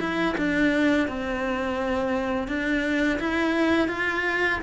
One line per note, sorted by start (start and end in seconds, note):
0.00 0.36 E4
0.38 1.08 D4
1.08 2.48 C4
2.48 3.19 D4
3.19 3.88 E4
3.88 4.60 F4